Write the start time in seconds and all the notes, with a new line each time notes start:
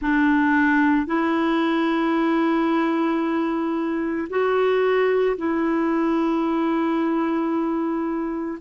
0.01 D4
1.06 E4
4.29 F#4
5.37 E4